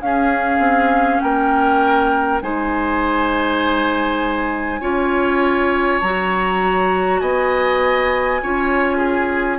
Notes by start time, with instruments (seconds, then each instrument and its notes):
0.00 bassoon C#4, clarinet C#4, oboe G#4, flute F5
0.58 bassoon C4
1.20 bassoon A#3, oboe A#4, flute G5
2.42 bassoon G#3, clarinet D#4, oboe C5, flute G#5
4.80 bassoon C#4, clarinet F4, oboe C#5
6.01 bassoon F#3, clarinet F#4, flute A#5
7.20 bassoon B3, oboe D#5, flute G#5
8.42 bassoon C#4, clarinet F4, oboe C#5
8.97 oboe G#4